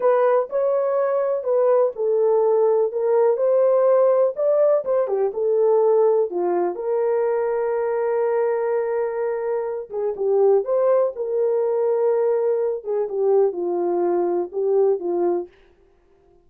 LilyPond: \new Staff \with { instrumentName = "horn" } { \time 4/4 \tempo 4 = 124 b'4 cis''2 b'4 | a'2 ais'4 c''4~ | c''4 d''4 c''8 g'8 a'4~ | a'4 f'4 ais'2~ |
ais'1~ | ais'8 gis'8 g'4 c''4 ais'4~ | ais'2~ ais'8 gis'8 g'4 | f'2 g'4 f'4 | }